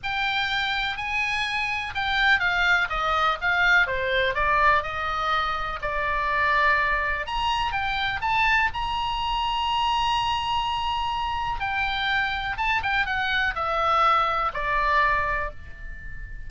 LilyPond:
\new Staff \with { instrumentName = "oboe" } { \time 4/4 \tempo 4 = 124 g''2 gis''2 | g''4 f''4 dis''4 f''4 | c''4 d''4 dis''2 | d''2. ais''4 |
g''4 a''4 ais''2~ | ais''1 | g''2 a''8 g''8 fis''4 | e''2 d''2 | }